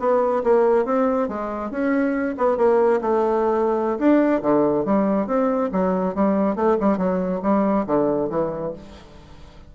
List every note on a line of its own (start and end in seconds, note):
0.00 0.43 B3
0.44 0.86 A#3
0.86 1.29 C4
1.29 1.71 G#3
1.71 2.36 C#4
2.38 2.58 B3
2.58 3.01 A#3
3.01 3.98 A3
3.99 4.42 D4
4.42 4.85 D3
4.85 5.27 G3
5.27 5.70 C4
5.72 6.15 F#3
6.15 6.56 G3
6.56 6.77 A3
6.80 6.98 G3
6.98 7.41 F#3
7.43 7.86 G3
7.86 8.30 D3
8.30 8.73 E3